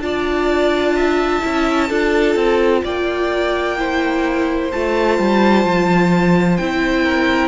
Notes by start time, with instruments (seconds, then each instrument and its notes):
0.00 cello D4, viola F4, violin D5 A5
0.96 violin E5
1.42 cello C#4, viola E4
1.88 cello D4, viola F4, violin A4
2.36 cello C4
2.84 cello A#3, violin D5 G5
3.78 viola E4, violin C5
4.71 cello A3, viola F4, violin A5
5.19 cello G3
5.64 cello F3
6.57 cello C4, viola E4, violin G5
7.04 violin A#4